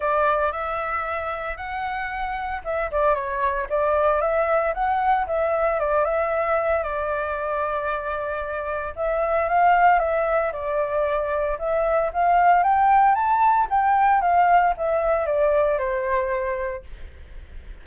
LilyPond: \new Staff \with { instrumentName = "flute" } { \time 4/4 \tempo 4 = 114 d''4 e''2 fis''4~ | fis''4 e''8 d''8 cis''4 d''4 | e''4 fis''4 e''4 d''8 e''8~ | e''4 d''2.~ |
d''4 e''4 f''4 e''4 | d''2 e''4 f''4 | g''4 a''4 g''4 f''4 | e''4 d''4 c''2 | }